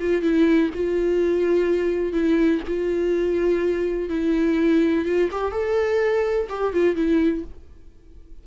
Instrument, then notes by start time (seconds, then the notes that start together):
viola
0.00 F4
0.22 E4
0.75 F4
2.13 E4
2.68 F4
4.10 E4
5.05 F4
5.32 G4
5.52 A4
6.50 G4
6.74 F4
6.96 E4